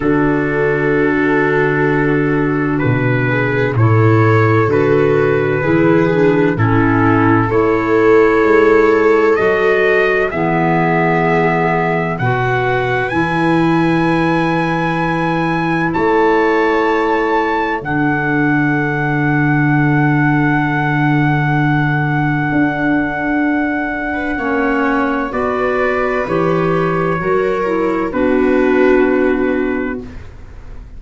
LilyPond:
<<
  \new Staff \with { instrumentName = "trumpet" } { \time 4/4 \tempo 4 = 64 a'2. b'4 | cis''4 b'2 a'4 | cis''2 dis''4 e''4~ | e''4 fis''4 gis''2~ |
gis''4 a''2 fis''4~ | fis''1~ | fis''2. d''4 | cis''2 b'2 | }
  \new Staff \with { instrumentName = "viola" } { \time 4/4 fis'2.~ fis'8 gis'8 | a'2 gis'4 e'4 | a'2. gis'4~ | gis'4 b'2.~ |
b'4 cis''2 a'4~ | a'1~ | a'4.~ a'16 b'16 cis''4 b'4~ | b'4 ais'4 fis'2 | }
  \new Staff \with { instrumentName = "clarinet" } { \time 4/4 d'1 | e'4 fis'4 e'8 d'8 cis'4 | e'2 fis'4 b4~ | b4 fis'4 e'2~ |
e'2. d'4~ | d'1~ | d'2 cis'4 fis'4 | g'4 fis'8 e'8 d'2 | }
  \new Staff \with { instrumentName = "tuba" } { \time 4/4 d2. b,4 | a,4 d4 e4 a,4 | a4 gis4 fis4 e4~ | e4 b,4 e2~ |
e4 a2 d4~ | d1 | d'2 ais4 b4 | e4 fis4 b2 | }
>>